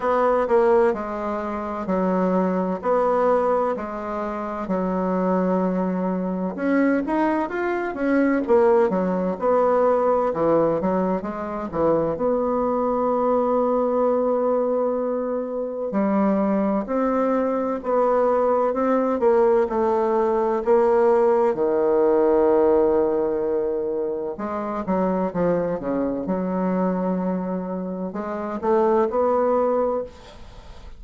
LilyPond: \new Staff \with { instrumentName = "bassoon" } { \time 4/4 \tempo 4 = 64 b8 ais8 gis4 fis4 b4 | gis4 fis2 cis'8 dis'8 | f'8 cis'8 ais8 fis8 b4 e8 fis8 | gis8 e8 b2.~ |
b4 g4 c'4 b4 | c'8 ais8 a4 ais4 dis4~ | dis2 gis8 fis8 f8 cis8 | fis2 gis8 a8 b4 | }